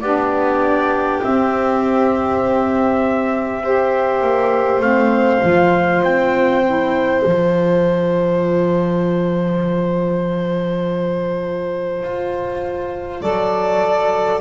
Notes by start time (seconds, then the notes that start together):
0.00 B3 D4 G4 D5
1.22 C4 E5
3.63 G4 C5
4.21 A#3
4.79 A3 C4 F5
5.41 F3 F4
6.02 C4 G5
6.65 E4
7.22 F3 F4 A5
12.03 F4
13.21 F#3 A4 D5